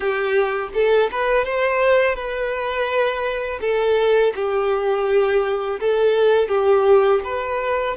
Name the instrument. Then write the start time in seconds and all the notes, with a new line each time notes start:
violin
0.00 G4
0.74 A4
1.11 B4
1.45 C5
2.15 B4
3.60 A4
4.35 G4
5.80 A4
6.48 G4
7.24 B4